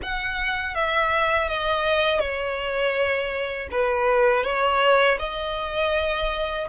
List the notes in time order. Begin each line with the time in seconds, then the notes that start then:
0.02 F#5
0.74 E5
1.48 D#5
2.19 C#5
3.71 B4
4.43 C#5
5.19 D#5